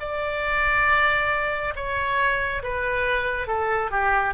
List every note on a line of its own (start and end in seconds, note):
0.00 1.74 D5
1.75 2.62 C#5
2.62 3.47 B4
3.47 3.91 A4
3.91 4.34 G4